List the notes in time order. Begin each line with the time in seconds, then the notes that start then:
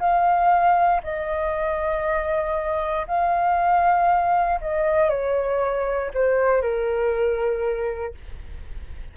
0.00 F5
1.04 D#5
3.08 F5
4.61 D#5
5.10 C#5
6.14 C5
6.62 A#4